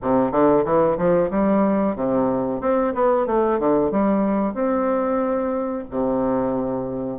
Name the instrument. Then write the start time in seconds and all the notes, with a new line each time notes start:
bassoon
0.02 C3
0.31 D3
0.64 E3
0.97 F3
1.30 G3
1.95 C3
2.61 C4
2.94 B3
3.26 A3
3.59 D3
3.91 G3
4.54 C4
5.90 C3